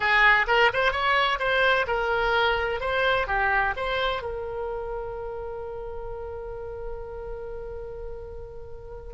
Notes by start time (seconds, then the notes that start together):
0.00 G#4
0.47 A#4
0.73 C5
0.92 C#5
1.39 C5
1.87 A#4
2.80 C5
3.27 G4
3.76 C5
4.22 A#4